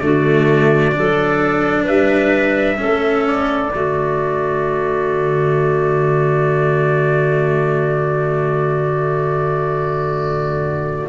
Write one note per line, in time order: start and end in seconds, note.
0.00 0.93 D3
0.00 0.92 A3
0.00 0.96 F#4
0.00 1.85 D5
0.92 2.77 D4
0.92 1.84 A4
0.98 1.88 F#3
1.84 2.81 G3
1.84 2.76 B4
1.84 3.27 E5
2.77 3.73 A3
2.77 3.70 C#4
2.77 3.73 A4
3.28 11.09 D5
3.73 11.09 D3
3.73 11.09 A3
3.73 11.09 F#4